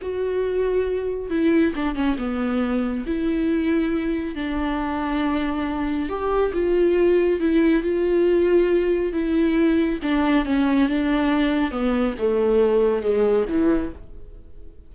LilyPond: \new Staff \with { instrumentName = "viola" } { \time 4/4 \tempo 4 = 138 fis'2. e'4 | d'8 cis'8 b2 e'4~ | e'2 d'2~ | d'2 g'4 f'4~ |
f'4 e'4 f'2~ | f'4 e'2 d'4 | cis'4 d'2 b4 | a2 gis4 e4 | }